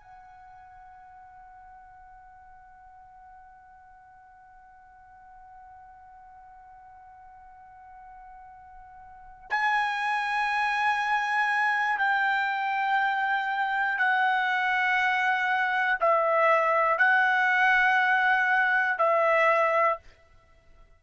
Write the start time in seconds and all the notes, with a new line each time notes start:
0.00 F#5
9.50 G#5
11.98 G5
13.98 F#5
16.00 E5
16.98 F#5
18.98 E5